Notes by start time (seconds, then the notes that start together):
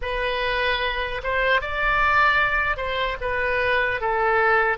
0.01 B4
1.23 C5
1.61 D5
2.76 C5
3.20 B4
4.00 A4